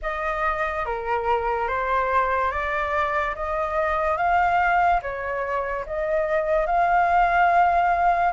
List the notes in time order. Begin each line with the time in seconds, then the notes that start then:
0.02 D#5
0.85 A#4
1.68 C5
2.51 D5
3.35 D#5
4.17 F5
5.02 C#5
5.86 D#5
6.66 F5